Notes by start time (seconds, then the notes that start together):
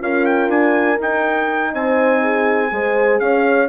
0.00 C#4 F4 A#4 F5
0.25 G5
0.49 D4 G#5
0.97 D#4 G5
1.73 C4 C5 G#5
2.22 G#4
2.69 G#3 G#4 C5
3.20 C#4 C#5 F5